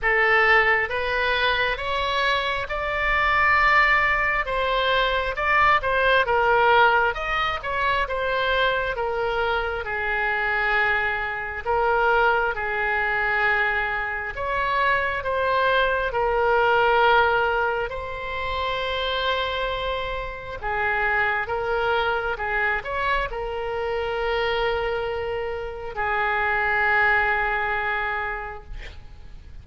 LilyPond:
\new Staff \with { instrumentName = "oboe" } { \time 4/4 \tempo 4 = 67 a'4 b'4 cis''4 d''4~ | d''4 c''4 d''8 c''8 ais'4 | dis''8 cis''8 c''4 ais'4 gis'4~ | gis'4 ais'4 gis'2 |
cis''4 c''4 ais'2 | c''2. gis'4 | ais'4 gis'8 cis''8 ais'2~ | ais'4 gis'2. | }